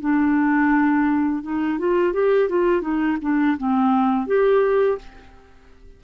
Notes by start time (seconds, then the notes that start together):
0.00 D4
1.43 D#4
1.79 F4
2.13 G4
2.49 F4
2.81 D#4
3.21 D4
3.57 C4
4.27 G4